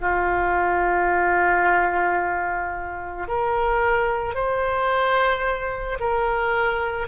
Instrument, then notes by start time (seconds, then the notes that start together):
oboe
0.00 F4
3.27 A#4
4.34 C5
6.00 A#4